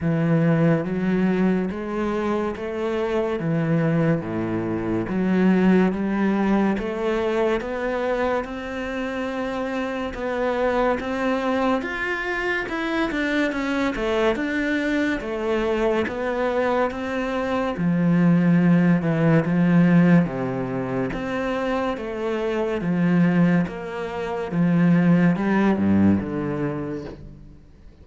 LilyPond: \new Staff \with { instrumentName = "cello" } { \time 4/4 \tempo 4 = 71 e4 fis4 gis4 a4 | e4 a,4 fis4 g4 | a4 b4 c'2 | b4 c'4 f'4 e'8 d'8 |
cis'8 a8 d'4 a4 b4 | c'4 f4. e8 f4 | c4 c'4 a4 f4 | ais4 f4 g8 g,8 d4 | }